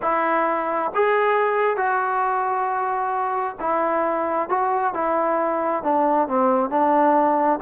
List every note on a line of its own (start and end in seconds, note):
0.02 0.91 E4
0.94 1.76 G#4
1.76 3.55 F#4
3.59 4.49 E4
4.49 4.94 F#4
4.94 5.83 E4
5.83 6.27 D4
6.28 6.69 C4
6.69 7.59 D4